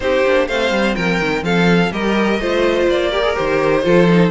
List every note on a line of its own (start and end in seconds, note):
0.00 0.24 C4
0.00 0.25 D#4
0.00 0.48 G4
0.00 0.47 C5
0.25 0.48 A#3
0.25 0.49 D4
0.47 0.71 A3
0.47 1.91 C4
0.47 0.96 C5
0.47 0.95 F5
0.71 0.95 G3
0.95 1.19 F3
0.95 1.44 A#4
0.95 1.43 G5
1.19 1.42 D#3
1.42 1.90 F3
1.42 1.92 A4
1.42 1.92 F5
1.91 2.39 G3
1.91 2.39 G4
1.91 2.40 A#4
1.91 2.88 D#5
2.39 2.87 A3
2.39 3.11 F4
2.39 3.10 C5
2.88 3.35 A#3
2.88 3.36 D5
3.10 3.23 G4
3.10 3.82 A#4
3.23 3.35 G#4
3.35 3.85 D#3
3.35 3.82 G4
3.35 4.30 C5
3.82 4.30 F3
3.82 4.06 F4
3.82 4.30 A4
4.09 4.30 D#4